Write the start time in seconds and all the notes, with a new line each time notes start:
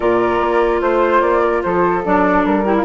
0.00 A#2 F4 A#4 D5
0.40 A#3
0.81 A3 C5
1.21 A#3 D5
1.42 A#4
1.62 F3 A4 C5
2.05 F#3 D4 D5
2.45 G3 A#4
2.64 E4 G4
2.77 F4